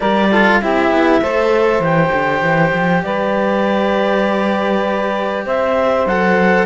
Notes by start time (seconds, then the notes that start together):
0.00 G3 G4 A#4 D5
0.30 F4 A4
0.60 C4 E4 G4 E5
0.90 B3
1.21 A3 A4 C5
1.79 E3 G4 G5
2.13 D3
2.41 E3
2.73 F3
3.03 G3 B4 D5
5.45 C4 C5 E5
6.05 F#3 A4 F#5